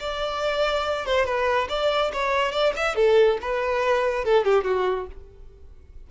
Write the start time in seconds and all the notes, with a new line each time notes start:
0.00 D5
1.06 C5
1.26 B4
1.69 D5
2.13 C#5
2.52 D5
2.77 E5
2.96 A4
3.41 B4
4.25 A4
4.45 G4
4.65 F#4